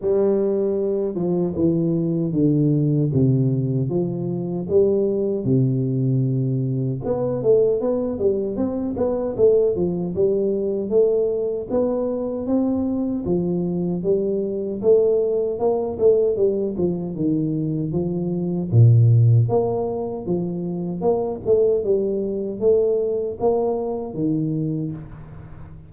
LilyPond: \new Staff \with { instrumentName = "tuba" } { \time 4/4 \tempo 4 = 77 g4. f8 e4 d4 | c4 f4 g4 c4~ | c4 b8 a8 b8 g8 c'8 b8 | a8 f8 g4 a4 b4 |
c'4 f4 g4 a4 | ais8 a8 g8 f8 dis4 f4 | ais,4 ais4 f4 ais8 a8 | g4 a4 ais4 dis4 | }